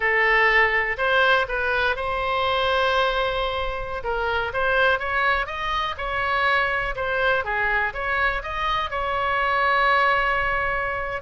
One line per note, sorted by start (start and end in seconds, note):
0.00 0.96 A4
0.97 1.46 C5
1.48 1.96 B4
1.96 4.03 C5
4.03 4.52 A#4
4.53 4.99 C5
4.99 5.46 C#5
5.46 5.95 D#5
5.97 6.95 C#5
6.95 7.44 C5
7.44 7.93 G#4
7.93 8.42 C#5
8.43 8.90 D#5
8.90 11.22 C#5